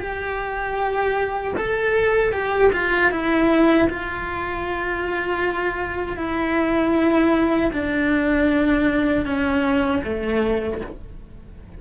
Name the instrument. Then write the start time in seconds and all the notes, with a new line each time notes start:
cello
0.00 G4
1.57 A4
2.33 G4
2.73 F4
3.11 E4
3.90 F4
6.17 E4
7.73 D4
9.26 C#4
10.04 A3